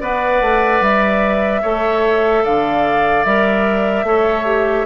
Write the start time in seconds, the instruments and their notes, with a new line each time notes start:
0.00 bassoon B3, clarinet B4, oboe D5, flute F#5
0.41 bassoon A3
0.81 bassoon G3, flute E5
1.62 bassoon A3, clarinet A4, oboe C#5
2.44 bassoon D3, oboe D5, flute F5
3.25 bassoon G3, clarinet A#4, flute E5
4.03 bassoon A3, clarinet A4, oboe C#5
4.46 clarinet G4